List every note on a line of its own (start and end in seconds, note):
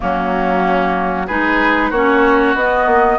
0.00 1.30 F#3
0.00 1.28 A#3
0.00 1.26 C#4
0.00 1.27 F#4
1.26 1.91 G#3
1.26 1.93 D#4
1.26 1.89 G#4
1.26 1.90 B4
1.89 2.54 A#3
1.89 2.57 C#4
1.89 3.17 F#4
1.89 2.54 C#5
2.54 2.86 B3
2.54 3.18 B3
2.54 3.18 D#5
2.86 3.17 A#3